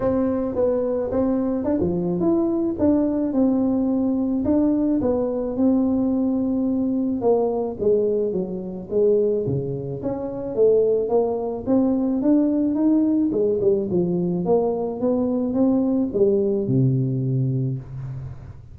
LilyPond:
\new Staff \with { instrumentName = "tuba" } { \time 4/4 \tempo 4 = 108 c'4 b4 c'4 d'16 f8. | e'4 d'4 c'2 | d'4 b4 c'2~ | c'4 ais4 gis4 fis4 |
gis4 cis4 cis'4 a4 | ais4 c'4 d'4 dis'4 | gis8 g8 f4 ais4 b4 | c'4 g4 c2 | }